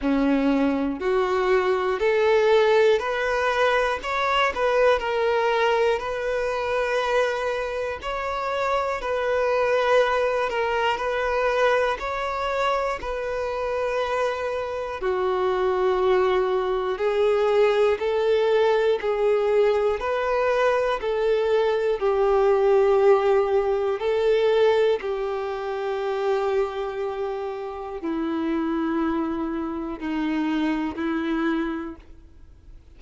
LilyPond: \new Staff \with { instrumentName = "violin" } { \time 4/4 \tempo 4 = 60 cis'4 fis'4 a'4 b'4 | cis''8 b'8 ais'4 b'2 | cis''4 b'4. ais'8 b'4 | cis''4 b'2 fis'4~ |
fis'4 gis'4 a'4 gis'4 | b'4 a'4 g'2 | a'4 g'2. | e'2 dis'4 e'4 | }